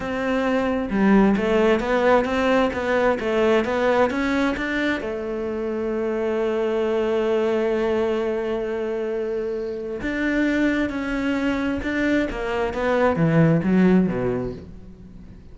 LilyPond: \new Staff \with { instrumentName = "cello" } { \time 4/4 \tempo 4 = 132 c'2 g4 a4 | b4 c'4 b4 a4 | b4 cis'4 d'4 a4~ | a1~ |
a1~ | a2 d'2 | cis'2 d'4 ais4 | b4 e4 fis4 b,4 | }